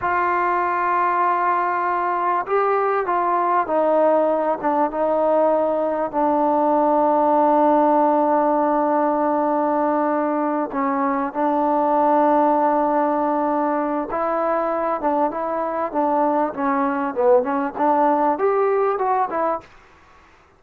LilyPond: \new Staff \with { instrumentName = "trombone" } { \time 4/4 \tempo 4 = 98 f'1 | g'4 f'4 dis'4. d'8 | dis'2 d'2~ | d'1~ |
d'4. cis'4 d'4.~ | d'2. e'4~ | e'8 d'8 e'4 d'4 cis'4 | b8 cis'8 d'4 g'4 fis'8 e'8 | }